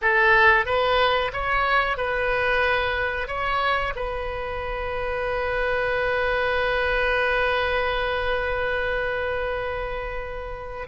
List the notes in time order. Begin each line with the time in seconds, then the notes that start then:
0.01 A4
0.65 B4
1.32 C#5
1.97 B4
3.27 C#5
3.95 B4